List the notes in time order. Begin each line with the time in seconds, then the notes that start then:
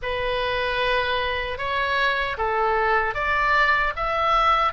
0.02 B4
1.58 C#5
2.37 A4
3.14 D5
3.96 E5